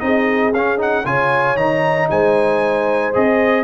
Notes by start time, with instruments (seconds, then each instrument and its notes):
0.00 tuba C4, trombone D#4, horn G#4, trumpet D#5
0.53 tuba C#4, trombone C#4, trumpet F5
0.77 trombone D#4, trumpet F#5
1.05 tuba C#3, trombone F4, horn C#5, trumpet G#5
1.56 tuba D#3, trombone D#4, trumpet A#5
2.10 tuba G#3, horn C5, trumpet G#5
3.13 tuba C4, trombone G#4, trumpet D#5